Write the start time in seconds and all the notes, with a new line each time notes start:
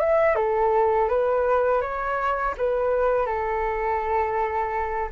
0.00 E5
0.36 A4
1.09 B4
1.82 C#5
2.58 B4
3.27 A4